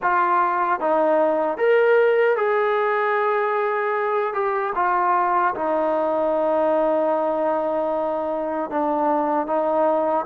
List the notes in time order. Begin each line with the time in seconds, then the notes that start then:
0.02 F4
0.80 D#4
1.57 A#4
2.36 G#4
4.33 G4
4.75 F4
5.54 D#4
8.70 D4
9.46 D#4